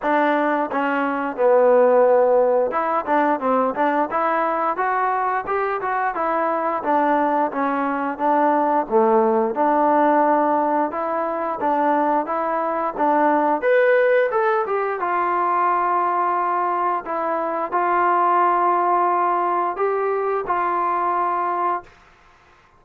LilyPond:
\new Staff \with { instrumentName = "trombone" } { \time 4/4 \tempo 4 = 88 d'4 cis'4 b2 | e'8 d'8 c'8 d'8 e'4 fis'4 | g'8 fis'8 e'4 d'4 cis'4 | d'4 a4 d'2 |
e'4 d'4 e'4 d'4 | b'4 a'8 g'8 f'2~ | f'4 e'4 f'2~ | f'4 g'4 f'2 | }